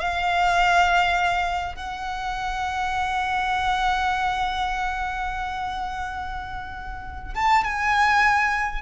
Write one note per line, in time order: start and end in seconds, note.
0.00 1.76 F5
1.76 7.34 F#5
7.34 7.64 A5
7.64 8.82 G#5